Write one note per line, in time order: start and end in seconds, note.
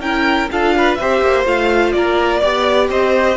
0.00 0.48 C#4
0.00 0.49 E4
0.00 0.50 A#4
0.00 0.49 G5
0.51 0.99 D4
0.51 0.99 F4
0.51 0.76 A4
0.51 0.95 F5
0.77 0.98 B4
0.95 1.22 C4
0.95 1.45 G4
0.95 1.94 C5
0.95 1.43 E5
1.22 1.45 A#3
1.45 1.93 A3
1.45 2.41 F4
1.45 1.92 F5
1.92 2.43 A#3
1.92 2.40 A#4
1.92 2.88 D5
2.40 2.90 B3
2.40 3.37 G4
2.40 2.88 D5
2.90 3.37 C4
2.90 3.37 C5
2.90 3.37 D#5